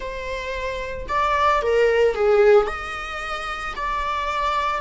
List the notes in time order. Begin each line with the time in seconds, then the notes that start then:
0.00 C5
1.08 D5
1.62 A#4
2.14 G#4
2.66 D#5
3.75 D5